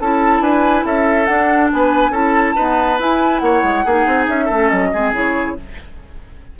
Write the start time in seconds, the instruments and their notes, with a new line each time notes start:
0.00 bassoon C#4, clarinet E4, oboe A4, flute A5
0.41 bassoon D4, oboe B4, flute G#5
0.85 bassoon C#4, oboe A4, flute E5
1.25 clarinet D4, bassoon D4, flute F#5
1.73 bassoon B3, oboe B4, flute G#5
2.10 bassoon C#4, clarinet E4, oboe A4, flute A5
2.56 clarinet B3, bassoon D#4, oboe B4
3.00 bassoon E4, clarinet E4, flute G#5
3.39 bassoon A#3, oboe C#5, flute F#5
3.63 bassoon G#3
3.85 bassoon A#3, clarinet D#4, oboe G#4
4.06 bassoon C4
4.28 bassoon C#4, flute E5
4.45 bassoon A3, clarinet C#4, oboe A4
4.69 bassoon F#3, flute D#5
4.93 bassoon G#3, clarinet C4, oboe G#4
5.13 bassoon C#3, clarinet E4, flute C#5